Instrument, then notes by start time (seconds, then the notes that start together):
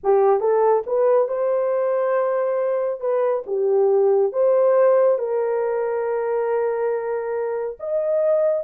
horn
0.03 G4
0.40 A4
0.86 B4
1.28 C5
3.00 B4
3.46 G4
4.32 C5
5.18 A#4
7.79 D#5